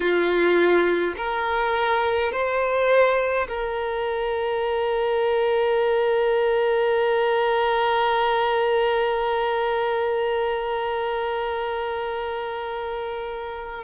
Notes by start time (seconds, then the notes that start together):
0.00 F4
1.17 A#4
2.32 C5
3.48 A#4